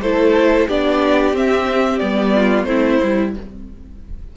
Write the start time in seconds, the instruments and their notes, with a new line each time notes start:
0.00 cello A3, viola E4, violin A4 C5
0.67 cello B3, viola D4, violin G4 D5
1.32 cello C4, viola C4, violin E5
1.98 cello G3, viola B3, violin D5
2.34 violin F4
2.64 cello A3, viola C4, violin E4 C5
3.02 cello G3, viola E4